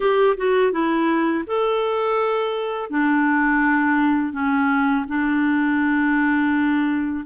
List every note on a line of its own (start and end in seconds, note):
0.00 0.36 G4
0.36 0.72 F#4
0.72 1.44 E4
1.46 2.89 A4
2.89 4.32 D4
4.32 5.05 C#4
5.08 7.25 D4